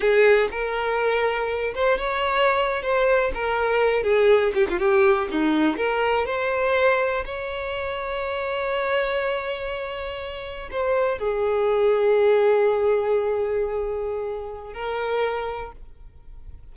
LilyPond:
\new Staff \with { instrumentName = "violin" } { \time 4/4 \tempo 4 = 122 gis'4 ais'2~ ais'8 c''8 | cis''4.~ cis''16 c''4 ais'4~ ais'16~ | ais'16 gis'4 g'16 f'16 g'4 dis'4 ais'16~ | ais'8. c''2 cis''4~ cis''16~ |
cis''1~ | cis''4.~ cis''16 c''4 gis'4~ gis'16~ | gis'1~ | gis'2 ais'2 | }